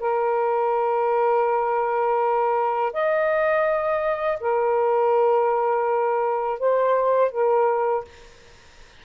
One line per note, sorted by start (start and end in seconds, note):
0.00 2.93 A#4
2.93 4.39 D#5
4.40 6.59 A#4
6.59 7.31 C5
7.31 8.05 A#4